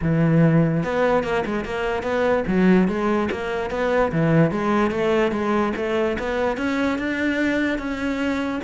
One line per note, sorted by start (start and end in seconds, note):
0.01 0.83 E3
0.83 1.23 B3
1.23 1.44 A#3
1.45 1.64 G#3
1.64 2.02 A#3
2.02 2.44 B3
2.47 2.88 F#3
2.88 3.29 G#3
3.31 3.70 A#3
3.70 4.11 B3
4.12 4.51 E3
4.51 4.90 G#3
4.90 5.31 A3
5.31 5.72 G#3
5.76 6.17 A3
6.18 6.57 B3
6.57 6.98 C#4
6.98 7.78 D4
7.78 8.60 C#4